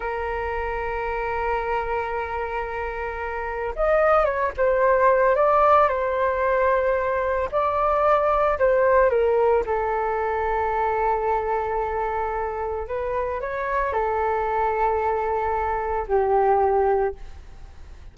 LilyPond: \new Staff \with { instrumentName = "flute" } { \time 4/4 \tempo 4 = 112 ais'1~ | ais'2. dis''4 | cis''8 c''4. d''4 c''4~ | c''2 d''2 |
c''4 ais'4 a'2~ | a'1 | b'4 cis''4 a'2~ | a'2 g'2 | }